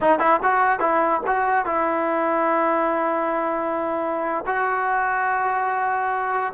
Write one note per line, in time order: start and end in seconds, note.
0.00 0.19 D#4
0.19 0.40 E4
0.42 0.79 F#4
0.79 1.21 E4
1.26 1.65 F#4
1.65 4.45 E4
4.46 6.53 F#4